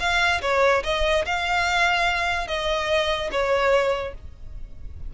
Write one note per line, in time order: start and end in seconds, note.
0.00 0.41 F5
0.42 0.83 C#5
0.84 1.25 D#5
1.25 2.48 F5
2.48 3.30 D#5
3.32 4.14 C#5